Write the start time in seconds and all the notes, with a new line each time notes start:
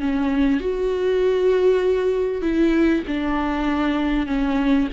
0.00 C#4
0.60 F#4
2.42 E4
3.07 D4
4.26 C#4